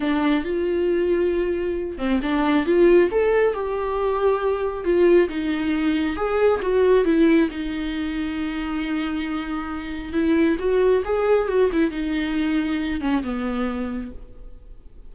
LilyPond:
\new Staff \with { instrumentName = "viola" } { \time 4/4 \tempo 4 = 136 d'4 f'2.~ | f'8 c'8 d'4 f'4 a'4 | g'2. f'4 | dis'2 gis'4 fis'4 |
e'4 dis'2.~ | dis'2. e'4 | fis'4 gis'4 fis'8 e'8 dis'4~ | dis'4. cis'8 b2 | }